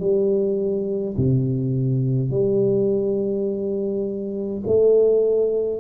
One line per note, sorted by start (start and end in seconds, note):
0.00 1.15 G3
1.17 2.31 C3
2.31 4.62 G3
4.67 5.80 A3